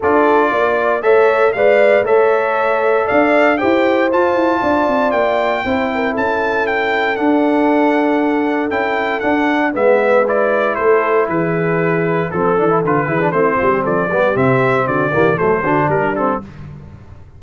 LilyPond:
<<
  \new Staff \with { instrumentName = "trumpet" } { \time 4/4 \tempo 4 = 117 d''2 e''4 f''4 | e''2 f''4 g''4 | a''2 g''2 | a''4 g''4 fis''2~ |
fis''4 g''4 fis''4 e''4 | d''4 c''4 b'2 | a'4 b'4 c''4 d''4 | e''4 d''4 c''4 ais'8 a'8 | }
  \new Staff \with { instrumentName = "horn" } { \time 4/4 a'4 d''4 cis''4 d''4 | cis''2 d''4 c''4~ | c''4 d''2 c''8 ais'8 | a'1~ |
a'2. b'4~ | b'4 a'4 gis'2 | a'4. gis'8 e'8 f'16 g'16 a'8 g'8~ | g'4 fis'8 g'8 a'8 fis'8 d'4 | }
  \new Staff \with { instrumentName = "trombone" } { \time 4/4 f'2 a'4 b'4 | a'2. g'4 | f'2. e'4~ | e'2 d'2~ |
d'4 e'4 d'4 b4 | e'1 | c'8 d'16 e'16 f'8 e'16 d'16 c'4. b8 | c'4. ais8 a8 d'4 c'8 | }
  \new Staff \with { instrumentName = "tuba" } { \time 4/4 d'4 ais4 a4 gis4 | a2 d'4 e'4 | f'8 e'8 d'8 c'8 ais4 c'4 | cis'2 d'2~ |
d'4 cis'4 d'4 gis4~ | gis4 a4 e2 | f8 e8 d8 e8 a8 g8 f8 g8 | c4 d8 e8 fis8 d8 g4 | }
>>